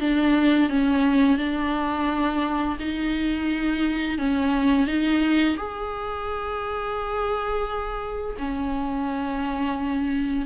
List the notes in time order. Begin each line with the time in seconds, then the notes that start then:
0.00 D4
0.69 C#4
1.38 D4
2.79 D#4
4.18 C#4
4.87 D#4
5.57 G#4
8.38 C#4